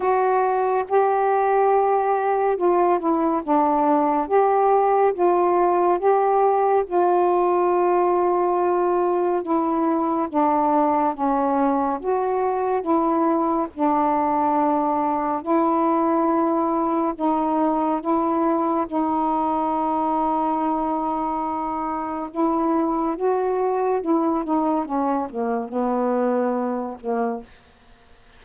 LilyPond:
\new Staff \with { instrumentName = "saxophone" } { \time 4/4 \tempo 4 = 70 fis'4 g'2 f'8 e'8 | d'4 g'4 f'4 g'4 | f'2. e'4 | d'4 cis'4 fis'4 e'4 |
d'2 e'2 | dis'4 e'4 dis'2~ | dis'2 e'4 fis'4 | e'8 dis'8 cis'8 ais8 b4. ais8 | }